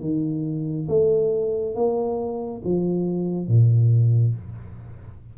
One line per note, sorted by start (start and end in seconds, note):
0.00 0.87 D#3
0.88 1.75 A3
1.75 2.62 A#3
2.64 3.47 F3
3.47 4.34 A#2